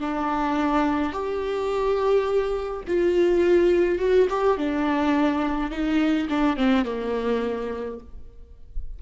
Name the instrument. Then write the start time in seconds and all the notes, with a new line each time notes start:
viola
0.00 D4
1.12 G4
2.87 F4
3.98 F#4
4.30 G4
4.57 D4
5.71 D#4
6.29 D4
6.56 C4
6.85 A#3